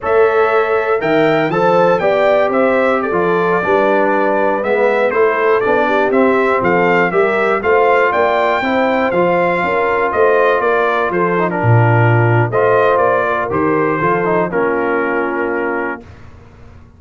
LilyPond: <<
  \new Staff \with { instrumentName = "trumpet" } { \time 4/4 \tempo 4 = 120 e''2 g''4 a''4 | g''4 e''4 d''2~ | d''4~ d''16 e''4 c''4 d''8.~ | d''16 e''4 f''4 e''4 f''8.~ |
f''16 g''2 f''4.~ f''16~ | f''16 dis''4 d''4 c''8. ais'4~ | ais'4 dis''4 d''4 c''4~ | c''4 ais'2. | }
  \new Staff \with { instrumentName = "horn" } { \time 4/4 cis''2 e''4 c''4 | d''4 c''4 a'4~ a'16 b'8.~ | b'2~ b'16 a'4. g'16~ | g'4~ g'16 a'4 ais'4 c''8.~ |
c''16 d''4 c''2 ais'8.~ | ais'16 c''4 ais'4 a'8. f'4~ | f'4 c''4. ais'4. | a'4 f'2. | }
  \new Staff \with { instrumentName = "trombone" } { \time 4/4 a'2 ais'4 a'4 | g'2~ g'16 f'4 d'8.~ | d'4~ d'16 b4 e'4 d'8.~ | d'16 c'2 g'4 f'8.~ |
f'4~ f'16 e'4 f'4.~ f'16~ | f'2~ f'8. dis'16 d'4~ | d'4 f'2 g'4 | f'8 dis'8 cis'2. | }
  \new Staff \with { instrumentName = "tuba" } { \time 4/4 a2 dis4 f4 | b4 c'4~ c'16 f4 g8.~ | g4~ g16 gis4 a4 b8.~ | b16 c'4 f4 g4 a8.~ |
a16 ais4 c'4 f4 cis'8.~ | cis'16 a4 ais4 f4 ais,8.~ | ais,4 a4 ais4 dis4 | f4 ais2. | }
>>